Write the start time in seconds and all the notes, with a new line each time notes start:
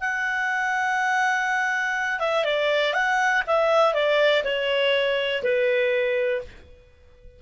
0.00 F#5
2.19 E5
2.44 D5
2.93 F#5
3.46 E5
3.94 D5
4.44 C#5
5.43 B4